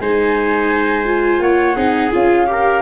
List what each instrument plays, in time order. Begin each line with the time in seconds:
0.00 tuba G#3, viola D#4, trumpet C5, flute G#5
1.05 viola F4
1.40 tuba A#3, trumpet C#5, flute F#5
1.76 tuba C4, viola D#4, trumpet G#4
2.11 tuba C#4, viola F4, flute F5
2.47 viola G4, trumpet A#4